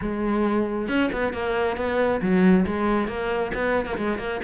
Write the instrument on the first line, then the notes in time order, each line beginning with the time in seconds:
cello
0.01 G#3
0.88 C#4
1.12 B3
1.33 A#3
1.76 B3
2.21 F#3
2.66 G#3
3.07 A#3
3.54 B3
3.85 A#3
3.97 G#3
4.18 A#3